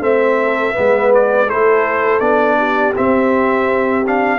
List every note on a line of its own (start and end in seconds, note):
0.00 0.73 A3
0.00 0.73 C4
0.00 0.38 C5
0.00 1.13 E5
0.43 0.74 A4
0.73 1.51 G#3
0.73 1.46 B3
0.73 1.47 B4
1.14 1.49 D5
1.47 2.20 A3
1.47 2.20 E4
1.47 2.57 A4
1.47 2.20 C5
2.20 2.93 B3
2.20 2.94 D4
2.20 2.93 D5
2.58 4.38 G4
2.95 4.05 C4
2.95 4.38 C4
2.95 4.06 E5
4.06 4.38 D4
4.06 4.38 F5